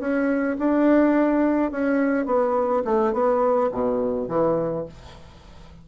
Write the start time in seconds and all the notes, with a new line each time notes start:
0.00 C#4
0.59 D4
1.72 C#4
2.26 B3
2.85 A3
3.13 B3
3.72 B2
4.29 E3